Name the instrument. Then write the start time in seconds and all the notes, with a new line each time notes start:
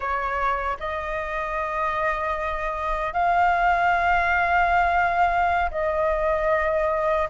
flute
0.00 C#5
0.79 D#5
3.13 F5
5.71 D#5